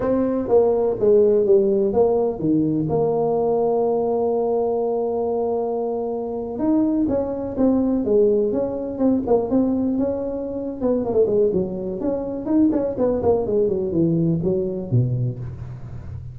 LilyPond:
\new Staff \with { instrumentName = "tuba" } { \time 4/4 \tempo 4 = 125 c'4 ais4 gis4 g4 | ais4 dis4 ais2~ | ais1~ | ais4.~ ais16 dis'4 cis'4 c'16~ |
c'8. gis4 cis'4 c'8 ais8 c'16~ | c'8. cis'4.~ cis'16 b8 ais16 a16 gis8 | fis4 cis'4 dis'8 cis'8 b8 ais8 | gis8 fis8 e4 fis4 b,4 | }